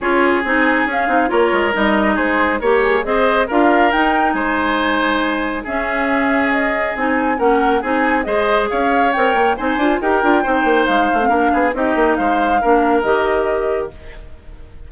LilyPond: <<
  \new Staff \with { instrumentName = "flute" } { \time 4/4 \tempo 4 = 138 cis''4 gis''4 f''4 cis''4 | dis''4 c''4 ais'8 gis'8 dis''4 | f''4 g''4 gis''2~ | gis''4 e''2 dis''4 |
gis''4 fis''4 gis''4 dis''4 | f''4 g''4 gis''4 g''4~ | g''4 f''2 dis''4 | f''2 dis''2 | }
  \new Staff \with { instrumentName = "oboe" } { \time 4/4 gis'2. ais'4~ | ais'4 gis'4 cis''4 c''4 | ais'2 c''2~ | c''4 gis'2.~ |
gis'4 ais'4 gis'4 c''4 | cis''2 c''4 ais'4 | c''2 ais'8 gis'8 g'4 | c''4 ais'2. | }
  \new Staff \with { instrumentName = "clarinet" } { \time 4/4 f'4 dis'4 cis'8 dis'8 f'4 | dis'2 g'4 gis'4 | f'4 dis'2.~ | dis'4 cis'2. |
dis'4 cis'4 dis'4 gis'4~ | gis'4 ais'4 dis'8 f'8 g'8 f'8 | dis'4.~ dis'16 c'16 d'4 dis'4~ | dis'4 d'4 g'2 | }
  \new Staff \with { instrumentName = "bassoon" } { \time 4/4 cis'4 c'4 cis'8 c'8 ais8 gis8 | g4 gis4 ais4 c'4 | d'4 dis'4 gis2~ | gis4 cis'2. |
c'4 ais4 c'4 gis4 | cis'4 c'8 ais8 c'8 d'8 dis'8 d'8 | c'8 ais8 gis8 a8 ais8 b8 c'8 ais8 | gis4 ais4 dis2 | }
>>